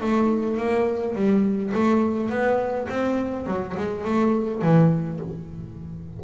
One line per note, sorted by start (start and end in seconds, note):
0.00 0.57 A3
0.57 1.15 A#3
1.15 1.73 G3
1.74 2.29 A3
2.29 2.87 B3
2.89 3.46 C4
3.46 3.75 F#3
3.77 4.04 G#3
4.04 4.62 A3
4.62 5.19 E3